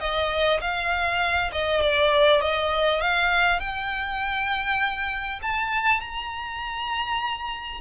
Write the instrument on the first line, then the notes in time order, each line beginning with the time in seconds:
violin
0.00 D#5
0.61 F5
1.52 D#5
1.81 D5
2.41 D#5
3.01 F5
3.60 G5
5.42 A5
6.01 A#5